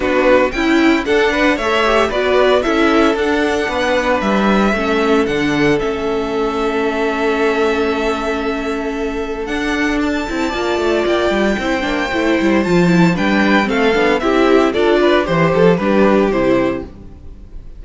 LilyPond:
<<
  \new Staff \with { instrumentName = "violin" } { \time 4/4 \tempo 4 = 114 b'4 g''4 fis''4 e''4 | d''4 e''4 fis''2 | e''2 fis''4 e''4~ | e''1~ |
e''2 fis''4 a''4~ | a''4 g''2. | a''4 g''4 f''4 e''4 | d''4 c''8 a'8 b'4 c''4 | }
  \new Staff \with { instrumentName = "violin" } { \time 4/4 fis'4 e'4 a'8 b'8 cis''4 | b'4 a'2 b'4~ | b'4 a'2.~ | a'1~ |
a'1 | d''2 c''2~ | c''4 b'4 a'4 g'4 | a'8 b'8 c''4 g'2 | }
  \new Staff \with { instrumentName = "viola" } { \time 4/4 d'4 e'4 d'4 a'8 g'8 | fis'4 e'4 d'2~ | d'4 cis'4 d'4 cis'4~ | cis'1~ |
cis'2 d'4. e'8 | f'2 e'8 d'8 e'4 | f'8 e'8 d'4 c'8 d'8 e'4 | f'4 g'4 d'4 e'4 | }
  \new Staff \with { instrumentName = "cello" } { \time 4/4 b4 cis'4 d'4 a4 | b4 cis'4 d'4 b4 | g4 a4 d4 a4~ | a1~ |
a2 d'4. c'8 | ais8 a8 ais8 g8 c'8 ais8 a8 g8 | f4 g4 a8 b8 c'4 | d'4 e8 f8 g4 c4 | }
>>